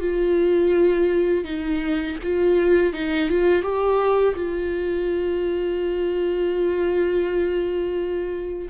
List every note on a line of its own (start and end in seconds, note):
0.00 1.44 F4
1.44 2.17 D#4
2.23 2.93 F4
2.93 3.29 D#4
3.29 3.62 F4
3.62 4.35 G4
4.35 8.69 F4